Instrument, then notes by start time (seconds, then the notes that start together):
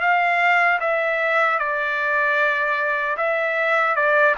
trumpet
0.00 F5
0.80 E5
1.58 D5
3.17 E5
3.95 D5